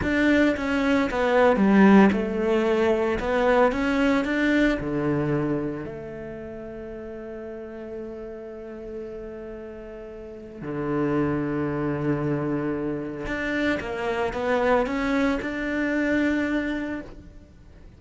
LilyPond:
\new Staff \with { instrumentName = "cello" } { \time 4/4 \tempo 4 = 113 d'4 cis'4 b4 g4 | a2 b4 cis'4 | d'4 d2 a4~ | a1~ |
a1 | d1~ | d4 d'4 ais4 b4 | cis'4 d'2. | }